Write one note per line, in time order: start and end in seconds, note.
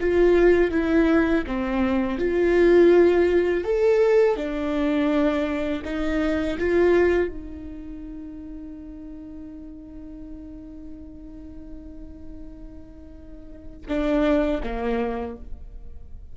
0.00 0.71 F4
0.71 1.44 E4
1.46 2.18 C4
2.18 3.64 F4
3.64 4.36 A4
4.36 5.82 D4
5.84 6.58 D#4
6.59 7.28 F4
7.28 13.86 D#4
13.88 14.61 D4
14.63 15.37 A#3